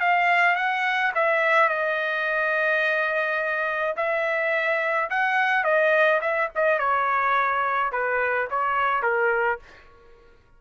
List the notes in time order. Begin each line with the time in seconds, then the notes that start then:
0.00 F5
0.56 F#5
1.15 E5
1.69 D#5
3.96 E5
5.10 F#5
5.64 D#5
6.21 E5
6.55 D#5
6.79 C#5
7.92 B4
8.50 C#5
9.03 A#4